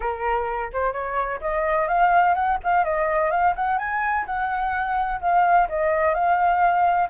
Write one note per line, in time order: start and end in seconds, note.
0.00 0.71 A#4
0.72 0.93 C5
0.93 1.40 C#5
1.40 1.88 D#5
1.88 2.34 F5
2.34 2.57 F#5
2.63 2.84 F5
2.84 3.30 D#5
3.30 3.54 F5
3.55 3.78 F#5
3.78 4.25 G#5
4.25 5.20 F#5
5.20 5.68 F5
5.68 6.14 D#5
6.14 7.09 F5